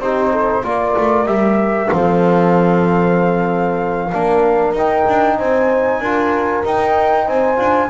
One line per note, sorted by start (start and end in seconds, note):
0.00 0.63 C4
0.00 0.64 D#4
0.00 0.32 G4
0.00 0.64 C5
0.32 0.64 A4
0.64 0.96 A#3
0.64 1.27 F4
0.64 1.93 A#4
0.64 1.27 D5
0.98 1.26 A3
1.26 1.90 G3
1.26 1.89 G4
1.26 1.90 E5
1.89 4.14 F3
1.89 4.10 C4
1.89 4.10 A4
1.89 4.74 F5
4.10 4.73 A#3
4.10 4.76 D4
4.10 5.37 A#4
4.73 5.05 D#4
4.73 6.04 D#4
4.73 5.37 G5
5.09 5.40 D4
5.37 6.00 C4
5.37 6.02 C5
5.37 6.64 G#5
6.00 6.64 D4
6.00 6.65 F4
6.00 7.25 A#4
6.65 7.57 D#4
6.65 7.28 D#4
6.65 7.28 G5
7.25 7.59 C4
7.25 7.89 C5
7.25 7.91 G#5
7.57 7.91 D4
7.57 7.88 F4